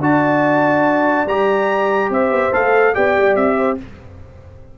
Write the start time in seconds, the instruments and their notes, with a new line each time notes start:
0.00 tuba D4, trombone F#4, horn D5, trumpet A5
1.26 tuba G3, trombone G4, trumpet A#5
2.10 tuba C4, horn C5, trumpet E5
2.30 tuba B3
2.52 tuba A3, trombone A4, trumpet F5
2.94 tuba B3, trombone G4, horn D5, trumpet G5
3.18 tuba G3
3.36 tuba C4, trumpet E5
3.57 horn C5